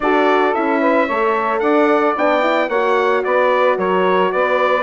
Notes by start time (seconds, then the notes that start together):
0.00 D4 F#4 A4 D5
0.54 C#4 E4 E5
0.80 B4
1.06 A3 A4 C#5
1.59 D4 D5 F#5
2.15 B3 D4 G5
2.41 E4
2.68 A#3 F#4 C#5 F#5
3.24 B3 B4 D5
3.77 F#3 A#4 C#5
4.32 B3 B4 D5